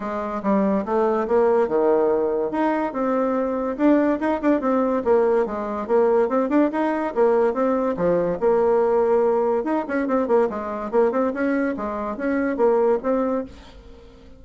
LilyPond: \new Staff \with { instrumentName = "bassoon" } { \time 4/4 \tempo 4 = 143 gis4 g4 a4 ais4 | dis2 dis'4 c'4~ | c'4 d'4 dis'8 d'8 c'4 | ais4 gis4 ais4 c'8 d'8 |
dis'4 ais4 c'4 f4 | ais2. dis'8 cis'8 | c'8 ais8 gis4 ais8 c'8 cis'4 | gis4 cis'4 ais4 c'4 | }